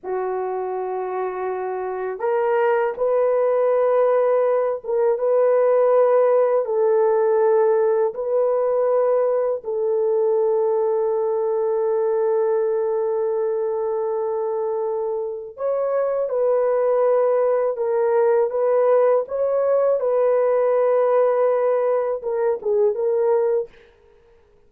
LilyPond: \new Staff \with { instrumentName = "horn" } { \time 4/4 \tempo 4 = 81 fis'2. ais'4 | b'2~ b'8 ais'8 b'4~ | b'4 a'2 b'4~ | b'4 a'2.~ |
a'1~ | a'4 cis''4 b'2 | ais'4 b'4 cis''4 b'4~ | b'2 ais'8 gis'8 ais'4 | }